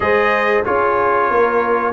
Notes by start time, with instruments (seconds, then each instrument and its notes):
0.00 tuba G#3, trombone G#4, horn C5, trumpet D#5
0.64 tuba C#4, trombone F4, horn G#4, trumpet C#5
1.30 tuba A#3, horn A#4